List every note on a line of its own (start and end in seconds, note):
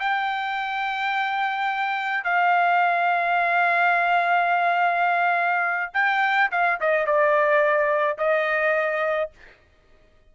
0.00 2.24 G5
2.24 5.92 F5
5.94 6.51 G5
6.51 6.80 F5
6.81 7.06 D#5
7.06 8.18 D5
8.18 9.31 D#5